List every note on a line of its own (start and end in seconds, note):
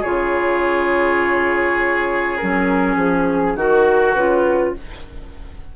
0.00 2.40 C#3
0.00 2.39 F4
0.00 3.53 G#4
0.00 2.37 C#5
2.37 2.96 F#3
2.37 3.57 C#4
2.37 2.96 A#4
2.96 3.55 F3
2.96 3.56 G#4
3.55 4.14 D#3
3.55 4.73 F#4
3.55 4.16 F#4
3.55 4.14 A#4
4.14 4.73 C#3
4.14 4.76 F4
4.14 4.73 B4